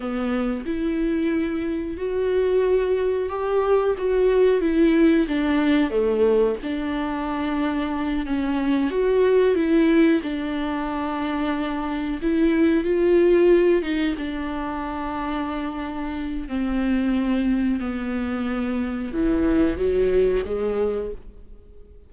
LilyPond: \new Staff \with { instrumentName = "viola" } { \time 4/4 \tempo 4 = 91 b4 e'2 fis'4~ | fis'4 g'4 fis'4 e'4 | d'4 a4 d'2~ | d'8 cis'4 fis'4 e'4 d'8~ |
d'2~ d'8 e'4 f'8~ | f'4 dis'8 d'2~ d'8~ | d'4 c'2 b4~ | b4 e4 fis4 gis4 | }